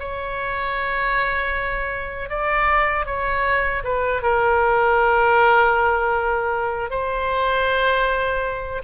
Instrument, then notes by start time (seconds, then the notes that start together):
oboe
0.00 C#5
2.30 D5
3.06 C#5
3.85 B4
4.23 A#4
6.91 C5